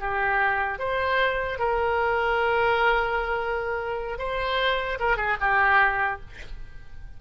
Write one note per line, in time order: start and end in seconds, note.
0.00 0.79 G4
0.79 1.59 C5
1.59 4.19 A#4
4.19 4.99 C5
5.00 5.17 A#4
5.17 5.37 G#4
5.41 6.21 G4